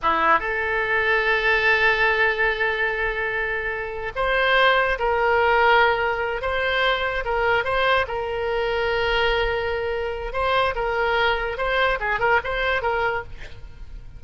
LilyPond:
\new Staff \with { instrumentName = "oboe" } { \time 4/4 \tempo 4 = 145 e'4 a'2.~ | a'1~ | a'2 c''2 | ais'2.~ ais'8 c''8~ |
c''4. ais'4 c''4 ais'8~ | ais'1~ | ais'4 c''4 ais'2 | c''4 gis'8 ais'8 c''4 ais'4 | }